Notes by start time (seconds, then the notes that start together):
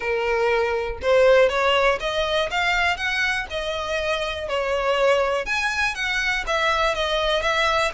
0.00 A#4
1.02 C5
1.49 C#5
2.00 D#5
2.50 F5
2.96 F#5
3.50 D#5
4.48 C#5
5.45 G#5
5.94 F#5
6.47 E5
6.94 D#5
7.41 E5